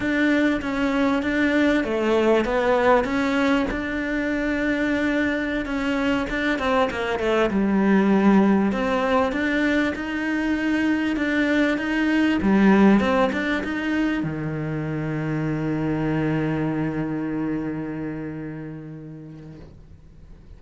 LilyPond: \new Staff \with { instrumentName = "cello" } { \time 4/4 \tempo 4 = 98 d'4 cis'4 d'4 a4 | b4 cis'4 d'2~ | d'4~ d'16 cis'4 d'8 c'8 ais8 a16~ | a16 g2 c'4 d'8.~ |
d'16 dis'2 d'4 dis'8.~ | dis'16 g4 c'8 d'8 dis'4 dis8.~ | dis1~ | dis1 | }